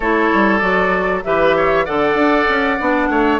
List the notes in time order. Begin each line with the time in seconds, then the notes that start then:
0.00 A3 E4 A4 C#5
0.33 G3
0.58 F#3 F#4 D5
1.23 E3 G4 B4 E5
1.56 C#5
1.85 D3 A4 D5 F#5
2.14 D4
2.48 C#4
2.79 B3 D4
3.09 A3 C#5